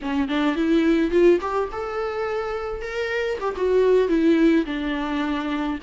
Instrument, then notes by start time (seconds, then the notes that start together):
viola
0.01 C#4
0.28 D4
0.55 E4
1.10 F4
1.40 G4
1.72 A4
2.81 A#4
3.40 G4
3.56 F#4
4.08 E4
4.65 D4